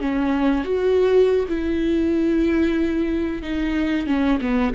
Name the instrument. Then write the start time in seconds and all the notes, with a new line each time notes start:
viola
0.00 C#4
0.64 F#4
1.48 E4
3.42 D#4
4.06 C#4
4.41 B3